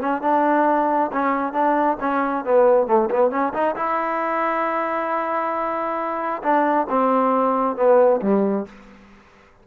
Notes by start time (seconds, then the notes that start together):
0.00 C#4
0.22 D4
1.12 C#4
1.53 D4
2.00 C#4
2.44 B3
2.87 A3
3.10 B3
3.31 C#4
3.53 D#4
3.76 E4
6.42 D4
6.89 C4
7.76 B3
8.21 G3